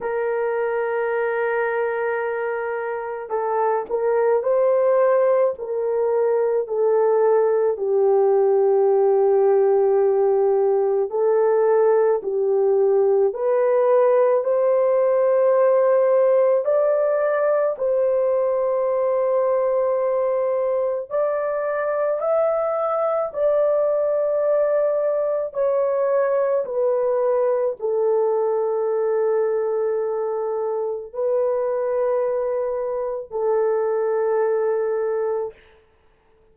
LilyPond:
\new Staff \with { instrumentName = "horn" } { \time 4/4 \tempo 4 = 54 ais'2. a'8 ais'8 | c''4 ais'4 a'4 g'4~ | g'2 a'4 g'4 | b'4 c''2 d''4 |
c''2. d''4 | e''4 d''2 cis''4 | b'4 a'2. | b'2 a'2 | }